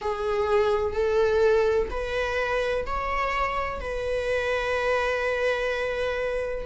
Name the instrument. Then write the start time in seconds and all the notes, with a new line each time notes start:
viola
0.01 G#4
0.93 A4
1.90 B4
2.86 C#5
3.80 B4